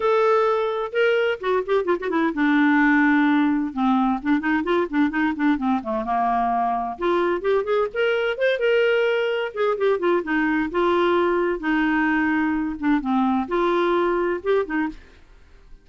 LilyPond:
\new Staff \with { instrumentName = "clarinet" } { \time 4/4 \tempo 4 = 129 a'2 ais'4 fis'8 g'8 | f'16 fis'16 e'8 d'2. | c'4 d'8 dis'8 f'8 d'8 dis'8 d'8 | c'8 a8 ais2 f'4 |
g'8 gis'8 ais'4 c''8 ais'4.~ | ais'8 gis'8 g'8 f'8 dis'4 f'4~ | f'4 dis'2~ dis'8 d'8 | c'4 f'2 g'8 dis'8 | }